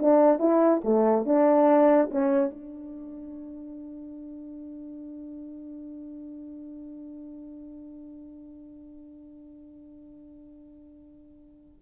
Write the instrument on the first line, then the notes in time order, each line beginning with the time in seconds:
horn
0.00 D4
0.39 E4
0.85 A3
1.26 D4
2.11 C#4
2.50 D4